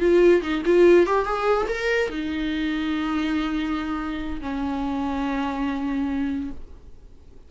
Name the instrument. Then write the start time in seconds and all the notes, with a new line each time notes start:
viola
0.00 F4
0.42 D#4
0.66 F4
1.07 G4
1.25 G#4
1.69 A#4
2.10 D#4
4.41 C#4